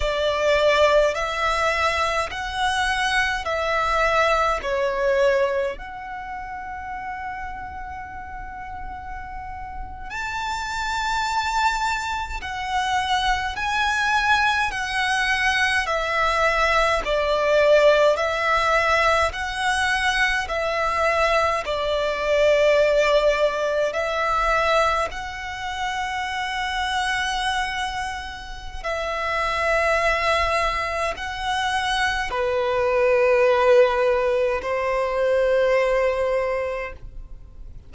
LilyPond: \new Staff \with { instrumentName = "violin" } { \time 4/4 \tempo 4 = 52 d''4 e''4 fis''4 e''4 | cis''4 fis''2.~ | fis''8. a''2 fis''4 gis''16~ | gis''8. fis''4 e''4 d''4 e''16~ |
e''8. fis''4 e''4 d''4~ d''16~ | d''8. e''4 fis''2~ fis''16~ | fis''4 e''2 fis''4 | b'2 c''2 | }